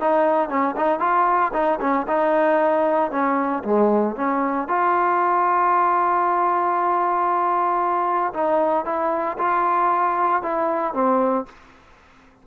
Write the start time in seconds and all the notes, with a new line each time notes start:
0.00 D#4
0.49 C#4
0.77 D#4
1.00 F4
1.53 D#4
1.81 C#4
2.08 D#4
3.11 C#4
3.64 G#3
4.16 C#4
4.68 F4
8.34 D#4
8.85 E4
9.38 F4
10.43 E4
10.94 C4